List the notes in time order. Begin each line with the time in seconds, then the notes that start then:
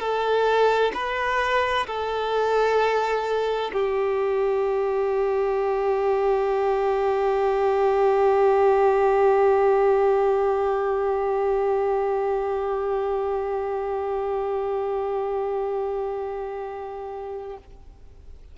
0.00 A4
0.94 B4
1.87 A4
3.73 G4